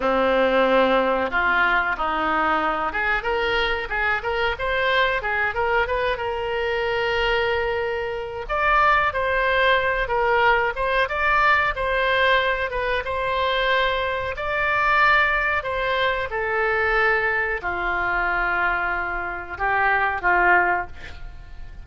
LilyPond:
\new Staff \with { instrumentName = "oboe" } { \time 4/4 \tempo 4 = 92 c'2 f'4 dis'4~ | dis'8 gis'8 ais'4 gis'8 ais'8 c''4 | gis'8 ais'8 b'8 ais'2~ ais'8~ | ais'4 d''4 c''4. ais'8~ |
ais'8 c''8 d''4 c''4. b'8 | c''2 d''2 | c''4 a'2 f'4~ | f'2 g'4 f'4 | }